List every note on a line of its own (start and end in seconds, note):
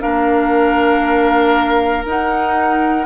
0.00 2.05 A#3
0.00 2.03 D4
0.00 3.07 A#4
0.00 2.05 F5
2.05 3.07 D#4
2.05 3.07 F#5